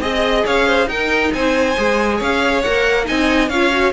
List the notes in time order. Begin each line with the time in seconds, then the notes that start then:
0.00 C4 G#4 D#5
0.45 C#4 C#5 F5
0.66 C5
0.86 D#4 A#4 G5
1.33 C4 C5 G#5
1.77 G#3 G#4
2.17 C#4 C#5 F5
2.62 A#3 A#4 F#5
3.05 C4 D#4 D#5 G#5
3.49 C#4 F4 C#5 F5
3.71 F#4